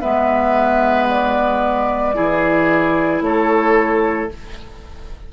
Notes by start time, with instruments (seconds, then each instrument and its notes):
0.00 bassoon G#3, clarinet B3, oboe B4, flute E5
1.10 flute D5
2.15 bassoon E3, clarinet E4, oboe G#4
3.21 bassoon A3, oboe A4, flute C#5